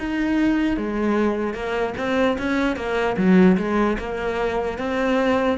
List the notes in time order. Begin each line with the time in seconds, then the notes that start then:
0.00 D#4
0.77 G#3
1.54 A#3
1.98 C4
2.39 C#4
2.77 A#3
3.17 F#3
3.58 G#3
3.99 A#3
4.79 C4